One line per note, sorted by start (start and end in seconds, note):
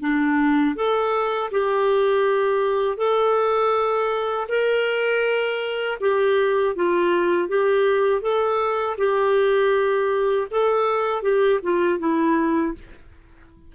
0.00 0.75 D4
0.75 1.50 A4
1.51 2.97 G4
2.97 4.47 A4
4.48 5.98 A#4
6.00 6.75 G4
6.75 7.48 F4
7.48 8.21 G4
8.21 8.96 A4
8.97 10.47 G4
10.50 11.22 A4
11.22 11.60 G4
11.62 11.99 F4
11.99 12.74 E4